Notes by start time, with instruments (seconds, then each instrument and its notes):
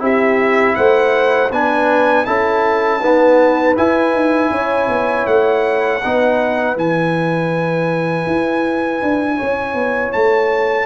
0.00 tuba C4, trombone E4, horn G4, trumpet E5
0.76 tuba A3, horn C5, trumpet F#5
1.51 tuba B3, trombone D4, horn B4, trumpet G#5
2.26 tuba C#4, trombone E4, horn A4, trumpet A5
3.00 trombone B3, tuba D#4, horn B4
3.76 trombone E4, tuba E4, trumpet G#5
4.12 tuba D#4
4.50 tuba C#4, horn C#5
4.88 tuba B3
5.27 tuba A3, trumpet F#5
6.03 tuba B3, trombone D#4, horn B4
6.76 tuba E3, trombone E4, trumpet G#5
8.27 tuba E4
9.03 tuba D4
9.37 tuba C#4, horn C#5
9.74 tuba B3
10.13 tuba A3, trumpet A5